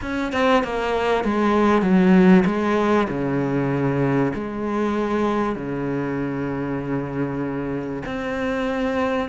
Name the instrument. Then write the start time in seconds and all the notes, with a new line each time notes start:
cello
0.01 C#4
0.32 C4
0.63 A#3
1.24 G#3
1.82 F#3
2.45 G#3
3.08 C#3
4.34 G#3
5.55 C#3
8.05 C4